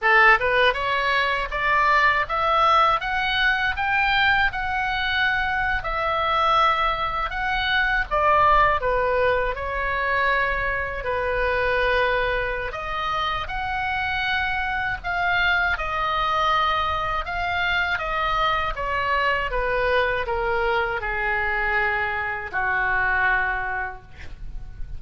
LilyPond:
\new Staff \with { instrumentName = "oboe" } { \time 4/4 \tempo 4 = 80 a'8 b'8 cis''4 d''4 e''4 | fis''4 g''4 fis''4.~ fis''16 e''16~ | e''4.~ e''16 fis''4 d''4 b'16~ | b'8. cis''2 b'4~ b'16~ |
b'4 dis''4 fis''2 | f''4 dis''2 f''4 | dis''4 cis''4 b'4 ais'4 | gis'2 fis'2 | }